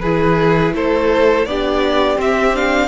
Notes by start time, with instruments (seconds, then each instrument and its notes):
0.00 cello E3, viola E4, violin G#4 B4
0.73 cello A3, violin A4 C5
1.46 cello B3, viola D4, violin G4 D5
2.16 viola C4, cello C4, violin E5
2.55 viola D4, violin F5